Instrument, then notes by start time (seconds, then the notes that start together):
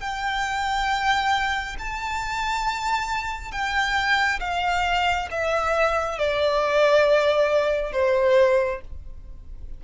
violin
0.00 G5
1.78 A5
3.51 G5
4.40 F5
5.31 E5
6.18 D5
7.93 C5